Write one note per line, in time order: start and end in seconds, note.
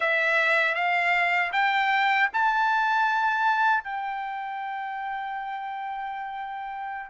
0.00 0.74 E5
0.74 1.51 F5
1.52 2.29 G5
2.33 3.83 A5
3.83 7.09 G5